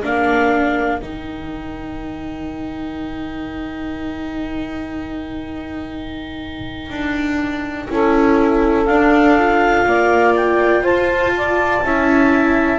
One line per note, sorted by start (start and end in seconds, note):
0.00 1.02 A#3
0.00 1.00 D4
0.00 7.87 A#4
0.00 0.99 F5
0.99 6.90 D#3
0.99 7.90 D#4
0.99 8.86 G5
6.90 7.88 D4
7.89 8.87 C#4
7.89 8.88 E4
7.89 9.87 A4
8.86 9.85 D4
8.86 9.38 D4
8.86 10.33 F5
9.38 11.84 F4
9.85 10.83 A#3
9.85 10.82 D5
10.36 10.85 G5
10.82 11.81 F4
10.82 11.32 C5
10.82 12.79 A5
11.37 11.85 D5
11.81 12.79 C#4
11.81 12.79 E4
11.81 12.79 E5